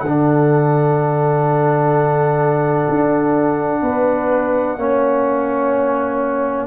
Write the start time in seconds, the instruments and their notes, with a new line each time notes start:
0.00 tuba D3, horn A4, trumpet F#5
0.06 trombone D4
2.89 tuba D4
3.82 tuba B3, horn B4
4.77 tuba A#3, trombone C#4, horn C#5